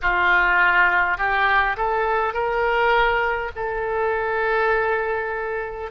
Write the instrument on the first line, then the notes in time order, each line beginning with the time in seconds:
oboe
0.02 F4
1.17 G4
1.76 A4
2.33 A#4
3.56 A4